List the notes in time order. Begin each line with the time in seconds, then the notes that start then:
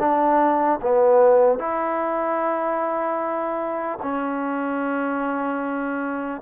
0.00 D4
0.83 B3
1.59 E4
4.02 C#4